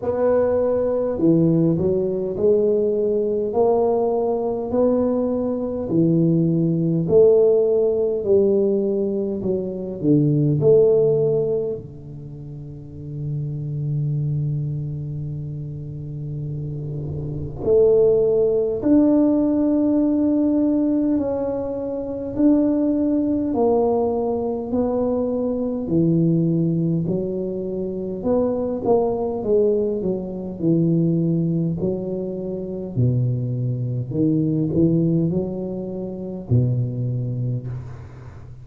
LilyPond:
\new Staff \with { instrumentName = "tuba" } { \time 4/4 \tempo 4 = 51 b4 e8 fis8 gis4 ais4 | b4 e4 a4 g4 | fis8 d8 a4 d2~ | d2. a4 |
d'2 cis'4 d'4 | ais4 b4 e4 fis4 | b8 ais8 gis8 fis8 e4 fis4 | b,4 dis8 e8 fis4 b,4 | }